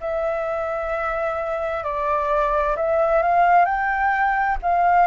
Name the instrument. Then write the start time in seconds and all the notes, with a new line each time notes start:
flute
0.00 E5
1.83 D5
2.76 E5
3.22 F5
3.65 G5
4.62 F5